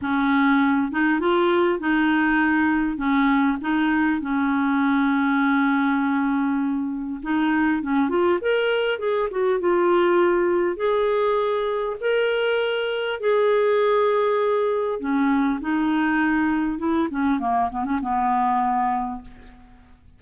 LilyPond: \new Staff \with { instrumentName = "clarinet" } { \time 4/4 \tempo 4 = 100 cis'4. dis'8 f'4 dis'4~ | dis'4 cis'4 dis'4 cis'4~ | cis'1 | dis'4 cis'8 f'8 ais'4 gis'8 fis'8 |
f'2 gis'2 | ais'2 gis'2~ | gis'4 cis'4 dis'2 | e'8 cis'8 ais8 b16 cis'16 b2 | }